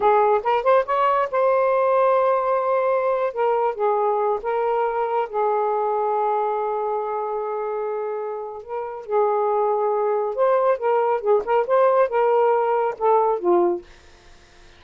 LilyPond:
\new Staff \with { instrumentName = "saxophone" } { \time 4/4 \tempo 4 = 139 gis'4 ais'8 c''8 cis''4 c''4~ | c''2.~ c''8. ais'16~ | ais'8. gis'4. ais'4.~ ais'16~ | ais'16 gis'2.~ gis'8.~ |
gis'1 | ais'4 gis'2. | c''4 ais'4 gis'8 ais'8 c''4 | ais'2 a'4 f'4 | }